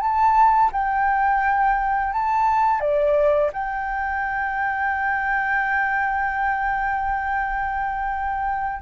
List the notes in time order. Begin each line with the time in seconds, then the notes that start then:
0.00 A5
0.72 G5
2.13 A5
2.80 D5
3.53 G5